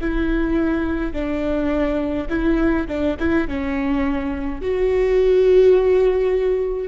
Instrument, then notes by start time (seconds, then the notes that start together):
viola
0.00 E4
1.12 D4
2.29 E4
2.87 D4
3.19 E4
3.48 C#4
4.61 F#4